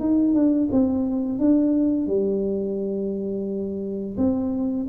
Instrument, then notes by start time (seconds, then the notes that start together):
tuba
0.00 D#4
0.34 D4
0.72 C4
1.39 D4
2.07 G3
4.18 C4